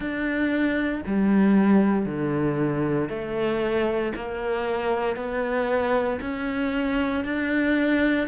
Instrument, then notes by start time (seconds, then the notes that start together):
cello
0.00 D4
1.06 G3
2.05 D3
3.08 A3
4.15 A#3
5.16 B3
6.21 C#4
7.24 D4